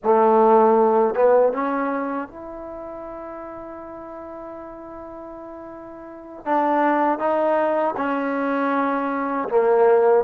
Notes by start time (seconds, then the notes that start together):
0.03 A3
1.14 B3
1.52 C#4
2.28 E4
6.45 D4
7.18 D#4
7.96 C#4
9.48 A#3